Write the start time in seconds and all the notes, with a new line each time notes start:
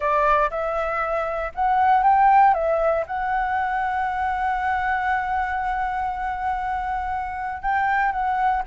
0.00 D5
0.50 E5
1.54 F#5
2.03 G5
2.54 E5
3.06 F#5
7.62 G5
8.12 F#5